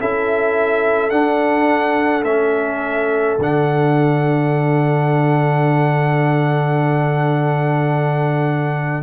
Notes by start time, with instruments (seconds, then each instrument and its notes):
0.00 tuba C#4, trombone E4, horn A4, trumpet E5
1.10 tuba D4, trombone D4, trumpet F#5
2.24 tuba A3, trombone C#4, trumpet E5
3.38 tuba D3, trombone D4, trumpet F#5